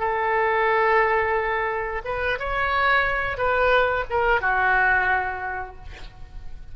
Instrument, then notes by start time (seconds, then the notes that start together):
oboe
0.00 A4
2.05 B4
2.39 C#5
3.38 B4
4.10 A#4
4.41 F#4